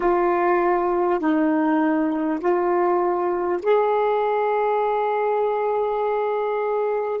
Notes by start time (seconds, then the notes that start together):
0.00 F4
1.19 D#4
2.39 F4
3.62 G#4